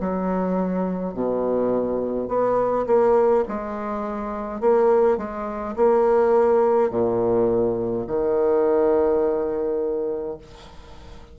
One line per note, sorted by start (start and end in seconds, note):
0.00 1.13 F#3
1.13 2.28 B2
2.28 2.85 B3
2.86 3.44 A#3
3.48 4.60 G#3
4.60 5.17 A#3
5.17 5.75 G#3
5.76 6.90 A#3
6.90 8.05 A#2
8.07 10.37 D#3